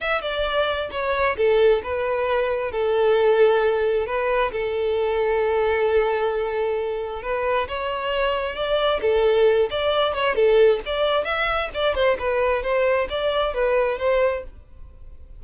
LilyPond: \new Staff \with { instrumentName = "violin" } { \time 4/4 \tempo 4 = 133 e''8 d''4. cis''4 a'4 | b'2 a'2~ | a'4 b'4 a'2~ | a'1 |
b'4 cis''2 d''4 | a'4. d''4 cis''8 a'4 | d''4 e''4 d''8 c''8 b'4 | c''4 d''4 b'4 c''4 | }